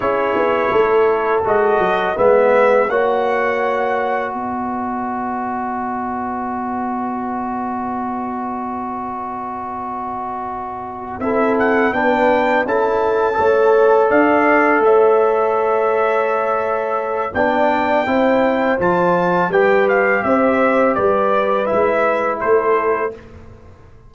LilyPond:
<<
  \new Staff \with { instrumentName = "trumpet" } { \time 4/4 \tempo 4 = 83 cis''2 dis''4 e''4 | fis''2 dis''2~ | dis''1~ | dis''2.~ dis''8 e''8 |
fis''8 g''4 a''2 f''8~ | f''8 e''2.~ e''8 | g''2 a''4 g''8 f''8 | e''4 d''4 e''4 c''4 | }
  \new Staff \with { instrumentName = "horn" } { \time 4/4 gis'4 a'2 b'4 | cis''2 b'2~ | b'1~ | b'2.~ b'8 a'8~ |
a'8 b'4 a'4 cis''4 d''8~ | d''8 cis''2.~ cis''8 | d''4 c''2 b'4 | c''4 b'2 a'4 | }
  \new Staff \with { instrumentName = "trombone" } { \time 4/4 e'2 fis'4 b4 | fis'1~ | fis'1~ | fis'2.~ fis'8 e'8~ |
e'8 d'4 e'4 a'4.~ | a'1 | d'4 e'4 f'4 g'4~ | g'2 e'2 | }
  \new Staff \with { instrumentName = "tuba" } { \time 4/4 cis'8 b8 a4 gis8 fis8 gis4 | ais2 b2~ | b1~ | b2.~ b8 c'8~ |
c'8 b4 cis'4 a4 d'8~ | d'8 a2.~ a8 | b4 c'4 f4 g4 | c'4 g4 gis4 a4 | }
>>